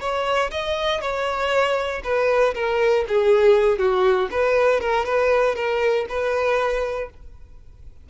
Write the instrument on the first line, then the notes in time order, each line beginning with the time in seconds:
violin
0.00 C#5
0.51 D#5
1.01 C#5
2.04 B4
2.55 A#4
3.08 G#4
3.79 F#4
4.31 B4
4.81 A#4
5.05 B4
5.55 A#4
6.09 B4